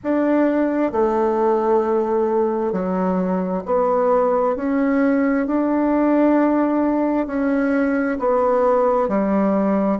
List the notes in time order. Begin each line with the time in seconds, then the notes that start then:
0.03 D4
0.92 A3
2.72 F#3
3.65 B3
4.56 C#4
5.46 D4
7.26 C#4
8.19 B3
9.08 G3